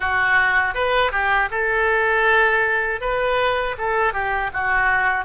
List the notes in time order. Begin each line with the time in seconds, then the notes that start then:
0.00 F#4
0.74 B4
1.11 G4
1.50 A4
3.00 B4
3.77 A4
4.12 G4
4.53 F#4